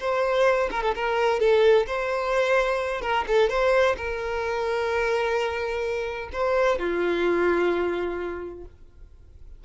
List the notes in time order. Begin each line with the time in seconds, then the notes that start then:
0.00 C5
0.71 A#4
0.83 A4
0.95 A#4
1.40 A4
1.87 C5
3.02 A#4
3.28 A4
3.50 C5
3.97 A#4
6.33 C5
6.79 F4